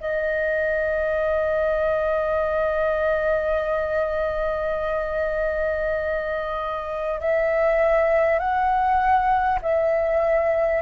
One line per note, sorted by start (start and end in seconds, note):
0.00 7.20 D#5
7.21 8.39 E5
8.39 9.59 F#5
9.62 10.82 E5